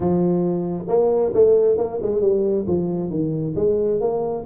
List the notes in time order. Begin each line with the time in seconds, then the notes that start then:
0.00 F3
0.88 A#3
1.33 A3
1.77 A#3
2.01 G#3
2.21 G3
2.67 F3
3.09 D#3
3.55 G#3
4.00 A#3